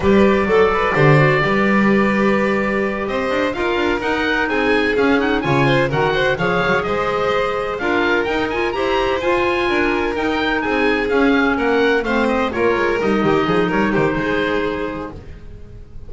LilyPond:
<<
  \new Staff \with { instrumentName = "oboe" } { \time 4/4 \tempo 4 = 127 d''1~ | d''2~ d''8 dis''4 f''8~ | f''8 fis''4 gis''4 f''8 fis''8 gis''8~ | gis''8 fis''4 f''4 dis''4.~ |
dis''8 f''4 g''8 gis''8 ais''4 gis''8~ | gis''4. g''4 gis''4 f''8~ | f''8 fis''4 f''8 dis''8 cis''4 dis''8~ | dis''4 cis''8 c''2~ c''8 | }
  \new Staff \with { instrumentName = "violin" } { \time 4/4 b'4 a'8 b'8 c''4 b'4~ | b'2~ b'8 c''4 ais'8~ | ais'4. gis'2 cis''8 | c''8 ais'8 c''8 cis''4 c''4.~ |
c''8 ais'2 c''4.~ | c''8 ais'2 gis'4.~ | gis'8 ais'4 c''4 ais'4. | g'8 gis'8 ais'8 g'8 gis'2 | }
  \new Staff \with { instrumentName = "clarinet" } { \time 4/4 g'4 a'4 g'8 fis'8 g'4~ | g'2.~ g'8 f'8~ | f'8 dis'2 cis'8 dis'8 f'8~ | f'8 fis'4 gis'2~ gis'8~ |
gis'8 f'4 dis'8 f'8 g'4 f'8~ | f'4. dis'2 cis'8~ | cis'4. c'4 f'4 dis'8~ | dis'1 | }
  \new Staff \with { instrumentName = "double bass" } { \time 4/4 g4 fis4 d4 g4~ | g2~ g8 c'8 d'8 dis'8 | d'8 dis'4 c'4 cis'4 cis8~ | cis8 dis4 f8 fis8 gis4.~ |
gis8 d'4 dis'4 e'4 f'8~ | f'8 d'4 dis'4 c'4 cis'8~ | cis'8 ais4 a4 ais8 gis8 g8 | dis8 f8 g8 dis8 gis2 | }
>>